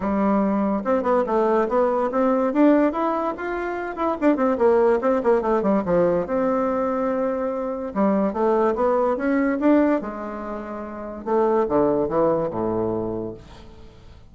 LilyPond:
\new Staff \with { instrumentName = "bassoon" } { \time 4/4 \tempo 4 = 144 g2 c'8 b8 a4 | b4 c'4 d'4 e'4 | f'4. e'8 d'8 c'8 ais4 | c'8 ais8 a8 g8 f4 c'4~ |
c'2. g4 | a4 b4 cis'4 d'4 | gis2. a4 | d4 e4 a,2 | }